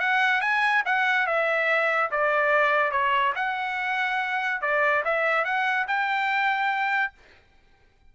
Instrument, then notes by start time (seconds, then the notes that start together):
trumpet
0.00 F#5
0.41 G#5
0.86 F#5
1.27 E5
2.11 D5
2.92 C#5
3.36 F#5
4.62 D5
5.05 E5
5.45 F#5
5.88 G5